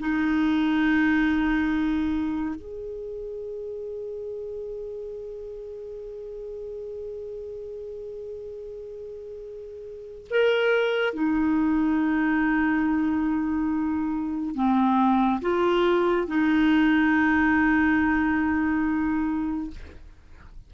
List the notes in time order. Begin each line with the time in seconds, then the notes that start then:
0.00 D#4
2.56 G#4
10.30 A#4
11.14 D#4
14.55 C4
15.42 F4
16.27 D#4